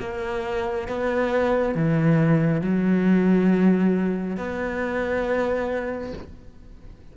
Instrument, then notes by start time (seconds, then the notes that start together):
cello
0.00 A#3
0.88 B3
1.75 E3
2.61 F#3
4.37 B3